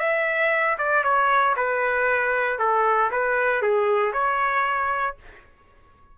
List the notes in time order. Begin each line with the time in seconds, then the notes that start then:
0.00 E5
0.78 D5
1.04 C#5
1.57 B4
2.59 A4
3.12 B4
3.63 G#4
4.13 C#5